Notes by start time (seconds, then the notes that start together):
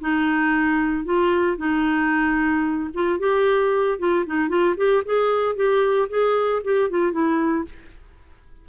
0.00 D#4
1.04 F4
1.57 D#4
2.94 F4
3.19 G4
3.98 F4
4.26 D#4
4.48 F4
4.76 G4
5.05 G#4
5.55 G4
6.09 G#4
6.64 G4
6.90 F4
7.12 E4